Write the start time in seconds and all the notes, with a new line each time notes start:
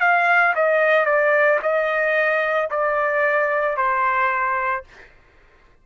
0.00 F5
0.55 D#5
1.05 D5
1.62 D#5
2.70 D5
3.76 C5